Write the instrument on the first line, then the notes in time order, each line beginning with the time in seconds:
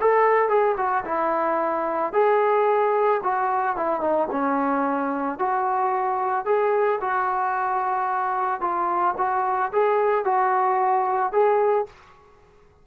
trombone
0.00 A4
0.48 G#4
0.77 F#4
1.04 E4
2.12 G#4
3.23 F#4
3.76 E4
4.00 D#4
4.31 C#4
5.39 F#4
6.45 G#4
7.00 F#4
8.60 F4
9.17 F#4
9.72 G#4
10.25 F#4
11.32 G#4